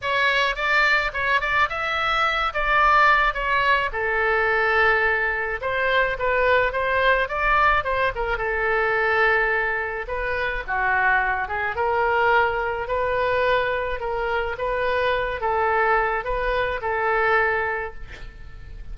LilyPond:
\new Staff \with { instrumentName = "oboe" } { \time 4/4 \tempo 4 = 107 cis''4 d''4 cis''8 d''8 e''4~ | e''8 d''4. cis''4 a'4~ | a'2 c''4 b'4 | c''4 d''4 c''8 ais'8 a'4~ |
a'2 b'4 fis'4~ | fis'8 gis'8 ais'2 b'4~ | b'4 ais'4 b'4. a'8~ | a'4 b'4 a'2 | }